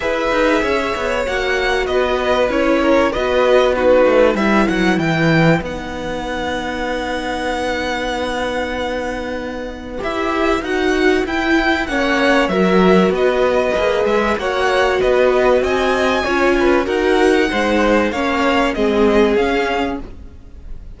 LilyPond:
<<
  \new Staff \with { instrumentName = "violin" } { \time 4/4 \tempo 4 = 96 e''2 fis''4 dis''4 | cis''4 dis''4 b'4 e''8 fis''8 | g''4 fis''2.~ | fis''1 |
e''4 fis''4 g''4 fis''4 | e''4 dis''4. e''8 fis''4 | dis''4 gis''2 fis''4~ | fis''4 f''4 dis''4 f''4 | }
  \new Staff \with { instrumentName = "violin" } { \time 4/4 b'4 cis''2 b'4~ | b'8 ais'8 b'4 fis'4 b'4~ | b'1~ | b'1~ |
b'2. cis''4 | ais'4 b'2 cis''4 | b'4 dis''4 cis''8 b'8 ais'4 | c''4 cis''4 gis'2 | }
  \new Staff \with { instrumentName = "viola" } { \time 4/4 gis'2 fis'2 | e'4 fis'4 dis'4 e'4~ | e'4 dis'2.~ | dis'1 |
g'4 fis'4 e'4 cis'4 | fis'2 gis'4 fis'4~ | fis'2 f'4 fis'4 | dis'4 cis'4 c'4 cis'4 | }
  \new Staff \with { instrumentName = "cello" } { \time 4/4 e'8 dis'8 cis'8 b8 ais4 b4 | cis'4 b4. a8 g8 fis8 | e4 b2.~ | b1 |
e'4 dis'4 e'4 ais4 | fis4 b4 ais8 gis8 ais4 | b4 c'4 cis'4 dis'4 | gis4 ais4 gis4 cis'4 | }
>>